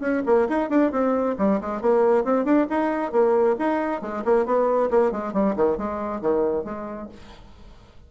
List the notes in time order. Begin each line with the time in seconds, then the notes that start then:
0.00 C#4
0.26 A#3
0.49 D#4
0.69 D4
0.91 C4
1.38 G3
1.61 G#3
1.81 A#3
2.24 C4
2.45 D4
2.69 D#4
3.12 A#3
3.59 D#4
4.01 G#3
4.25 A#3
4.46 B3
4.90 A#3
5.12 G#3
5.33 G3
5.56 D#3
5.77 G#3
6.21 D#3
6.64 G#3